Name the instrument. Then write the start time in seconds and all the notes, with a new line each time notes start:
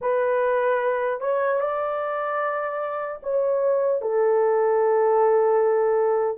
horn
0.01 B4
1.20 C#5
1.60 D5
3.22 C#5
4.01 A4